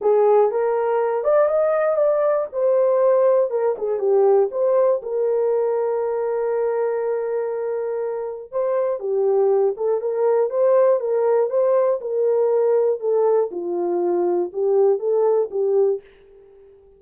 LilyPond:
\new Staff \with { instrumentName = "horn" } { \time 4/4 \tempo 4 = 120 gis'4 ais'4. d''8 dis''4 | d''4 c''2 ais'8 gis'8 | g'4 c''4 ais'2~ | ais'1~ |
ais'4 c''4 g'4. a'8 | ais'4 c''4 ais'4 c''4 | ais'2 a'4 f'4~ | f'4 g'4 a'4 g'4 | }